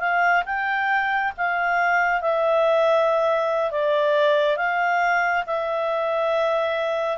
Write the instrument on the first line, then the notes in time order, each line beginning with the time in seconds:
clarinet
0.00 F5
0.46 G5
1.38 F5
2.22 E5
3.72 D5
4.57 F5
5.47 E5